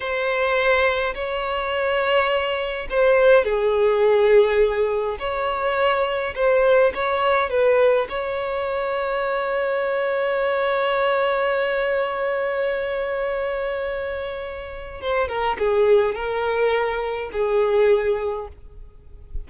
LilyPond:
\new Staff \with { instrumentName = "violin" } { \time 4/4 \tempo 4 = 104 c''2 cis''2~ | cis''4 c''4 gis'2~ | gis'4 cis''2 c''4 | cis''4 b'4 cis''2~ |
cis''1~ | cis''1~ | cis''2 c''8 ais'8 gis'4 | ais'2 gis'2 | }